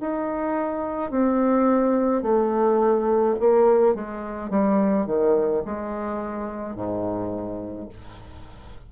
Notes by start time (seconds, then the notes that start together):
0.00 D#4
1.11 C4
2.22 A3
3.40 A#3
3.95 G#3
4.50 G3
5.06 D#3
5.65 G#3
6.75 G#2